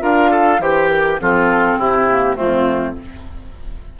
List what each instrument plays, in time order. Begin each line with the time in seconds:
0.00 bassoon D4, clarinet F4, oboe A#4, flute F5
0.32 oboe A4
0.59 bassoon E3, clarinet G4, oboe G4, flute C5
0.89 flute A#4
1.20 bassoon F3, clarinet C4, oboe F4, flute A4
1.77 bassoon C3, oboe E4, flute G4
2.09 clarinet A#3
2.35 clarinet A3, oboe C4, flute F4
2.41 bassoon F2